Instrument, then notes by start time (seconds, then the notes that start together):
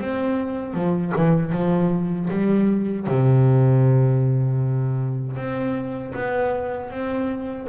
double bass
0.00 C4
0.74 F3
1.16 E3
1.52 F3
2.30 G3
3.07 C3
5.37 C4
6.14 B3
6.91 C4